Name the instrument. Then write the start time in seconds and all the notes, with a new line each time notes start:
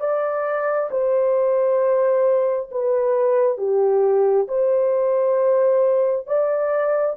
horn
0.00 D5
0.91 C5
2.71 B4
3.58 G4
4.48 C5
6.27 D5